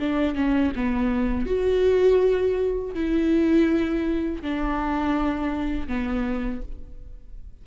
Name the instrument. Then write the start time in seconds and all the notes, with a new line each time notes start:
viola
0.00 D4
0.35 C#4
0.76 B3
1.46 F#4
2.95 E4
4.42 D4
5.88 B3